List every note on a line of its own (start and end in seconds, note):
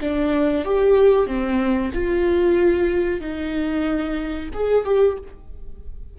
0.00 0.65 D4
0.65 1.26 G4
1.26 1.91 C4
1.94 3.20 F4
3.20 4.49 D#4
4.53 4.85 G#4
4.85 5.17 G4